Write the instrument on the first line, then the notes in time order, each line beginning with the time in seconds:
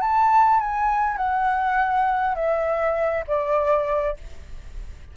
flute
0.00 A5
0.59 G#5
1.17 F#5
2.35 E5
3.27 D5